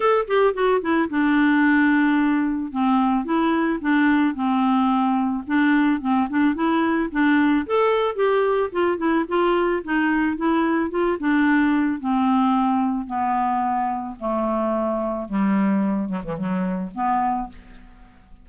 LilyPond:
\new Staff \with { instrumentName = "clarinet" } { \time 4/4 \tempo 4 = 110 a'8 g'8 fis'8 e'8 d'2~ | d'4 c'4 e'4 d'4 | c'2 d'4 c'8 d'8 | e'4 d'4 a'4 g'4 |
f'8 e'8 f'4 dis'4 e'4 | f'8 d'4. c'2 | b2 a2 | g4. fis16 e16 fis4 b4 | }